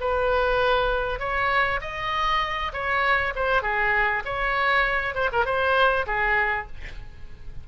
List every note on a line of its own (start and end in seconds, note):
0.00 1.19 B4
1.19 1.80 C#5
1.81 2.72 D#5
2.72 3.33 C#5
3.35 3.62 C5
3.62 4.23 G#4
4.25 5.14 C#5
5.14 5.29 C5
5.32 5.45 A#4
5.45 6.06 C5
6.06 6.67 G#4